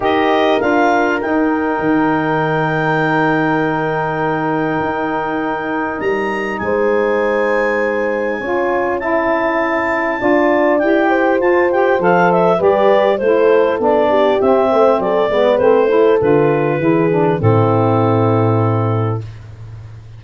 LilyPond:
<<
  \new Staff \with { instrumentName = "clarinet" } { \time 4/4 \tempo 4 = 100 dis''4 f''4 g''2~ | g''1~ | g''2 ais''4 gis''4~ | gis''2. a''4~ |
a''2 g''4 a''8 g''8 | f''8 e''8 d''4 c''4 d''4 | e''4 d''4 c''4 b'4~ | b'4 a'2. | }
  \new Staff \with { instrumentName = "horn" } { \time 4/4 ais'1~ | ais'1~ | ais'2. c''4~ | c''2 cis''4 e''4~ |
e''4 d''4. c''4.~ | c''4 b'4 a'4. g'8~ | g'8 c''8 a'8 b'4 a'4. | gis'4 e'2. | }
  \new Staff \with { instrumentName = "saxophone" } { \time 4/4 g'4 f'4 dis'2~ | dis'1~ | dis'1~ | dis'2 f'4 e'4~ |
e'4 f'4 g'4 f'8 g'8 | a'4 g'4 e'4 d'4 | c'4. b8 c'8 e'8 f'4 | e'8 d'8 c'2. | }
  \new Staff \with { instrumentName = "tuba" } { \time 4/4 dis'4 d'4 dis'4 dis4~ | dis1 | dis'2 g4 gis4~ | gis2 cis'2~ |
cis'4 d'4 e'4 f'4 | f4 g4 a4 b4 | c'8 a8 fis8 gis8 a4 d4 | e4 a,2. | }
>>